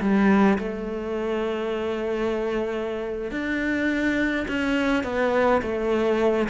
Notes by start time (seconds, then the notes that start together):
0.00 G3
0.58 A3
3.31 D4
4.47 C#4
5.03 B3
5.62 A3